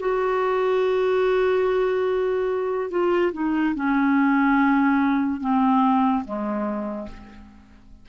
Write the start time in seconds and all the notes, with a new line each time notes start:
0.00 F#4
2.91 F4
3.33 D#4
3.76 C#4
5.41 C4
6.25 G#3